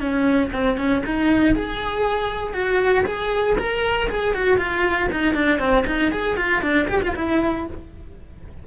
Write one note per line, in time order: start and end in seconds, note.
0.00 0.51 C#4
0.52 0.77 C4
0.77 1.02 C#4
1.05 1.54 D#4
1.54 2.53 G#4
2.53 3.04 F#4
3.05 3.56 G#4
3.58 4.09 A#4
4.09 4.34 G#4
4.34 4.57 F#4
4.57 5.08 F4
5.11 5.34 D#4
5.34 5.59 D4
5.59 5.84 C4
5.86 6.11 D#4
6.11 6.36 G#4
6.36 6.61 F4
6.61 6.87 D4
6.88 7.01 G4
7.02 7.15 F4
7.15 7.66 E4